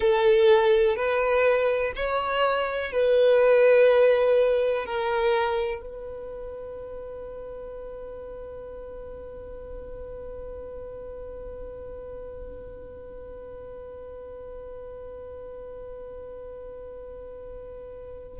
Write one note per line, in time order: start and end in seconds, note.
0.00 0.95 A4
0.95 1.92 B4
1.95 2.92 C#5
2.92 4.85 B4
4.85 5.81 A#4
5.81 18.39 B4